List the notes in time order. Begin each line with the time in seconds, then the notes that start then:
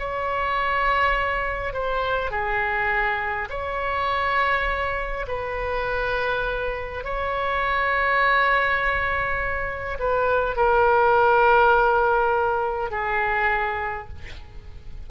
0.00 C#5
1.74 C5
2.31 G#4
3.50 C#5
5.28 B4
7.04 C#5
9.99 B4
10.57 A#4
12.91 G#4